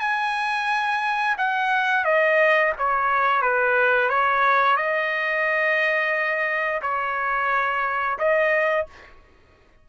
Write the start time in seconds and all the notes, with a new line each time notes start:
0.00 G#5
1.38 F#5
2.05 D#5
2.78 C#5
3.42 B4
4.09 C#5
4.77 D#5
6.82 C#5
8.19 D#5